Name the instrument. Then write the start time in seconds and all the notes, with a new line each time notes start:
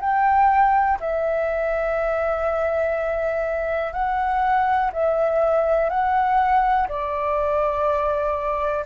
flute
0.00 G5
1.00 E5
3.93 F#5
4.92 E5
5.89 F#5
6.88 D5